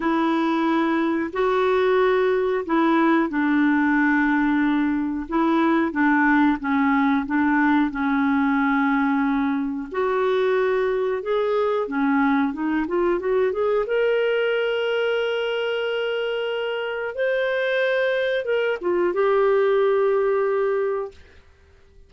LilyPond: \new Staff \with { instrumentName = "clarinet" } { \time 4/4 \tempo 4 = 91 e'2 fis'2 | e'4 d'2. | e'4 d'4 cis'4 d'4 | cis'2. fis'4~ |
fis'4 gis'4 cis'4 dis'8 f'8 | fis'8 gis'8 ais'2.~ | ais'2 c''2 | ais'8 f'8 g'2. | }